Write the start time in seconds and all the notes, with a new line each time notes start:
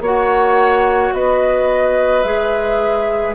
0.00 A#3 F#4 C#5 F#5
1.12 B3 B4 D#5
2.23 G#3 G#4 E5